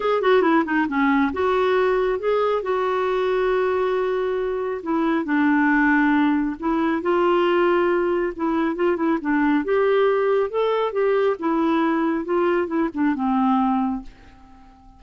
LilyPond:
\new Staff \with { instrumentName = "clarinet" } { \time 4/4 \tempo 4 = 137 gis'8 fis'8 e'8 dis'8 cis'4 fis'4~ | fis'4 gis'4 fis'2~ | fis'2. e'4 | d'2. e'4 |
f'2. e'4 | f'8 e'8 d'4 g'2 | a'4 g'4 e'2 | f'4 e'8 d'8 c'2 | }